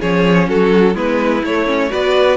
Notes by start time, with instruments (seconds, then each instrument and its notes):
0.00 cello F3, viola C#4, violin G#4 C#5
0.49 cello F#3, violin F#4 A4
0.95 cello G#3, viola B3, violin E4 B4
1.44 cello A3, viola A3, violin C#5
1.66 viola C#4
1.90 cello B3, viola F#4, violin B4 D5